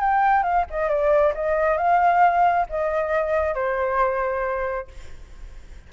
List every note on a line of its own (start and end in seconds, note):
0.00 0.43 G5
0.43 0.65 F5
0.71 0.89 D#5
0.89 1.34 D5
1.35 1.78 D#5
1.78 2.67 F5
2.70 3.55 D#5
3.55 4.88 C5